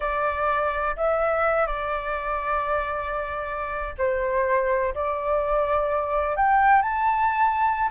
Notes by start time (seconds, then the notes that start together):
0.00 D5
0.96 E5
1.66 D5
3.97 C5
4.94 D5
6.36 G5
6.82 A5